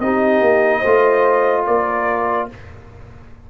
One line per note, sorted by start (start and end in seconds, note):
0.00 0.41 C4
0.00 0.85 D#4
0.00 0.80 G4
0.00 1.65 D#5
0.41 0.82 A#3
0.80 1.68 A3
0.80 1.62 C5
0.86 2.51 F4
1.67 2.50 A#3
1.67 2.49 A#4
1.67 2.49 D5